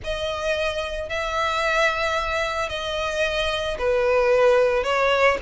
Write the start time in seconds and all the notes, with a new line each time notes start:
0.03 D#5
1.09 E5
2.69 D#5
3.78 B4
4.83 C#5